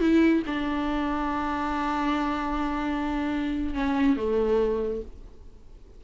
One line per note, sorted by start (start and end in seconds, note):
0.00 0.43 E4
0.47 3.74 D4
3.74 4.16 C#4
4.16 5.02 A3